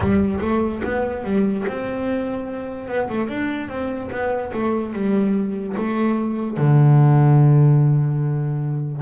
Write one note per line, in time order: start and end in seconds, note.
0.00 0.39 G3
0.41 0.82 A3
0.83 1.24 B3
1.24 1.65 G3
1.67 2.88 C4
2.88 3.08 B3
3.09 3.28 A3
3.28 3.68 D4
3.68 4.09 C4
4.11 4.52 B3
4.53 4.93 A3
4.93 5.75 G3
5.77 6.57 A3
6.57 9.01 D3